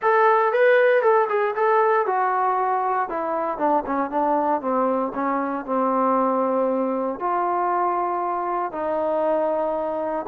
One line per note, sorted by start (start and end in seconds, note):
0.02 0.52 A4
0.52 1.02 B4
1.02 1.28 A4
1.29 1.54 G#4
1.55 2.06 A4
2.06 3.09 F#4
3.09 3.58 E4
3.58 3.83 D4
3.86 4.10 C#4
4.10 4.61 D4
4.61 5.12 C4
5.14 5.65 C#4
5.65 7.19 C4
7.19 8.72 F4
8.72 10.25 D#4